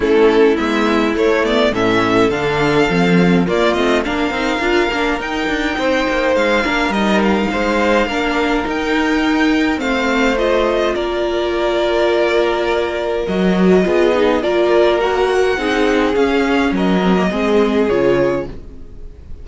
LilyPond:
<<
  \new Staff \with { instrumentName = "violin" } { \time 4/4 \tempo 4 = 104 a'4 e''4 cis''8 d''8 e''4 | f''2 d''8 dis''8 f''4~ | f''4 g''2 f''4 | dis''8 f''2~ f''8 g''4~ |
g''4 f''4 dis''4 d''4~ | d''2. dis''4~ | dis''4 d''4 fis''2 | f''4 dis''2 cis''4 | }
  \new Staff \with { instrumentName = "violin" } { \time 4/4 e'2. a'4~ | a'2 f'4 ais'4~ | ais'2 c''4. ais'8~ | ais'4 c''4 ais'2~ |
ais'4 c''2 ais'4~ | ais'1 | gis'4 ais'2 gis'4~ | gis'4 ais'4 gis'2 | }
  \new Staff \with { instrumentName = "viola" } { \time 4/4 cis'4 b4 a8 b8 cis'4 | d'4 c'4 ais8 c'8 d'8 dis'8 | f'8 d'8 dis'2~ dis'8 d'8 | dis'2 d'4 dis'4~ |
dis'4 c'4 f'2~ | f'2. fis'4 | f'8 dis'8 f'4 fis'4 dis'4 | cis'4. c'16 ais16 c'4 f'4 | }
  \new Staff \with { instrumentName = "cello" } { \time 4/4 a4 gis4 a4 a,4 | d4 f4 ais8 a8 ais8 c'8 | d'8 ais8 dis'8 d'8 c'8 ais8 gis8 ais8 | g4 gis4 ais4 dis'4~ |
dis'4 a2 ais4~ | ais2. fis4 | b4 ais2 c'4 | cis'4 fis4 gis4 cis4 | }
>>